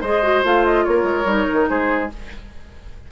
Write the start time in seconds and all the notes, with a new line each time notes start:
0.00 G#3 G#4 C5 D#5
0.22 F#4
0.43 A3 F4 F5
0.64 D#5
0.84 A#3 A#4 C#5
1.03 G#3
1.25 G3 D#4
1.52 D#3
1.68 G#3 G#4 C5